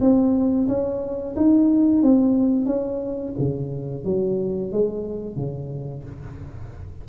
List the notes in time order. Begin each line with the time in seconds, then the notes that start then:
0.00 C4
0.68 C#4
1.36 D#4
2.02 C4
2.65 C#4
3.39 C#3
4.04 F#3
4.72 G#3
5.36 C#3